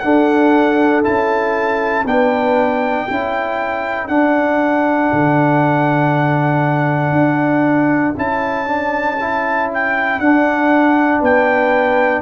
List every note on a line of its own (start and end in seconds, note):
0.00 1.06 D4
0.00 1.03 D4
0.00 2.07 A4
0.00 1.02 F#5
1.03 2.05 C#4
1.03 2.05 E4
1.03 2.07 A5
2.05 3.07 B3
2.05 3.08 D4
2.05 3.08 B4
2.05 4.08 G5
3.08 4.09 C#4
3.08 4.08 E4
3.08 11.20 A4
4.08 8.15 D4
4.08 5.11 D4
4.08 8.15 F#5
5.13 7.12 D3
7.12 8.14 D4
8.17 10.20 C#4
8.17 8.67 E4
8.17 9.71 A5
8.67 9.18 D4
9.21 10.22 E4
9.75 10.20 G5
10.20 11.21 D4
10.20 12.22 D4
10.20 11.22 F#5
11.20 12.22 B3
11.20 12.22 B4
11.20 12.22 G5